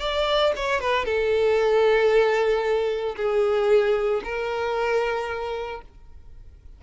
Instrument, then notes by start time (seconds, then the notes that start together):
violin
0.00 D5
0.56 C#5
0.80 B4
1.05 A4
3.16 G#4
4.24 A#4